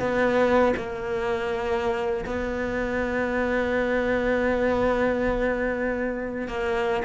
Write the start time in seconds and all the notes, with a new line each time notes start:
0.00 B3
0.77 A#3
2.26 B3
6.48 A#3